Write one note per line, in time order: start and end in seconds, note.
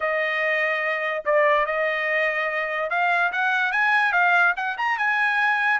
0.00 1.24 D#5
1.25 1.66 D5
1.66 2.90 D#5
2.90 3.31 F5
3.32 3.72 F#5
3.72 4.12 G#5
4.12 4.53 F5
4.56 4.77 F#5
4.77 4.98 A#5
4.98 5.80 G#5